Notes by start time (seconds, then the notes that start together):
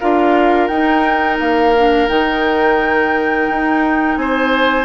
0.00 D4 F4 A#4 F5
0.68 D#4 G5
1.40 A#3 F5
1.77 D4
2.08 D#3 D#4 G5
3.51 D#4
4.17 C4 C5 G#5